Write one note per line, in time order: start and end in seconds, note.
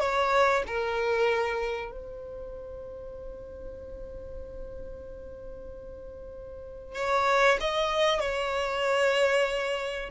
0.00 0.63 C#5
0.67 1.92 A#4
1.92 6.95 C5
6.95 7.58 C#5
7.60 8.20 D#5
8.20 10.10 C#5